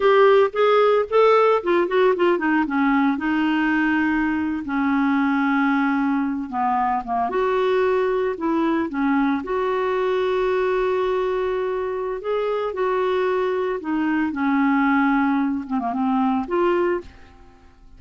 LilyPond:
\new Staff \with { instrumentName = "clarinet" } { \time 4/4 \tempo 4 = 113 g'4 gis'4 a'4 f'8 fis'8 | f'8 dis'8 cis'4 dis'2~ | dis'8. cis'2.~ cis'16~ | cis'16 b4 ais8 fis'2 e'16~ |
e'8. cis'4 fis'2~ fis'16~ | fis'2. gis'4 | fis'2 dis'4 cis'4~ | cis'4. c'16 ais16 c'4 f'4 | }